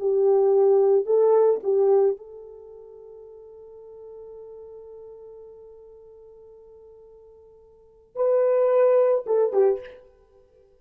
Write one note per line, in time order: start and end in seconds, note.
0.00 1.06 G4
1.06 1.61 A4
1.64 2.17 G4
2.17 8.16 A4
8.16 9.25 B4
9.27 9.53 A4
9.53 9.80 G4